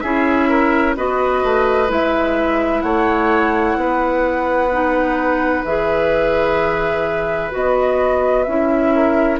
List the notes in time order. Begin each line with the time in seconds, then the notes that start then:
0.00 C#4 E4 G#4 E5
0.49 A#4
0.96 B3 F#4 B4 D#5
1.43 A3
1.88 G#3 E4 E5
2.81 A3 C#5 F#5
3.76 B3 B4
4.71 D#4
5.64 E3 G#4 E5
7.51 B3 F#4 D#5
8.43 C#4 E4 E5
8.95 A#4